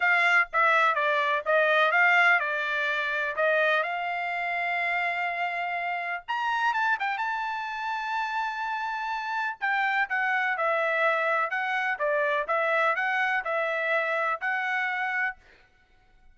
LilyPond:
\new Staff \with { instrumentName = "trumpet" } { \time 4/4 \tempo 4 = 125 f''4 e''4 d''4 dis''4 | f''4 d''2 dis''4 | f''1~ | f''4 ais''4 a''8 g''8 a''4~ |
a''1 | g''4 fis''4 e''2 | fis''4 d''4 e''4 fis''4 | e''2 fis''2 | }